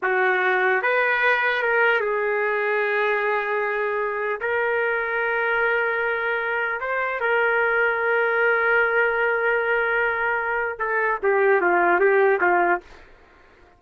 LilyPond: \new Staff \with { instrumentName = "trumpet" } { \time 4/4 \tempo 4 = 150 fis'2 b'2 | ais'4 gis'2.~ | gis'2. ais'4~ | ais'1~ |
ais'4 c''4 ais'2~ | ais'1~ | ais'2. a'4 | g'4 f'4 g'4 f'4 | }